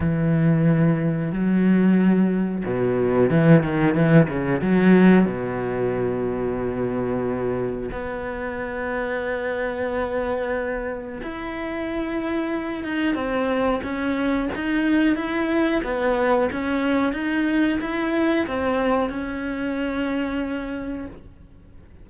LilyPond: \new Staff \with { instrumentName = "cello" } { \time 4/4 \tempo 4 = 91 e2 fis2 | b,4 e8 dis8 e8 cis8 fis4 | b,1 | b1~ |
b4 e'2~ e'8 dis'8 | c'4 cis'4 dis'4 e'4 | b4 cis'4 dis'4 e'4 | c'4 cis'2. | }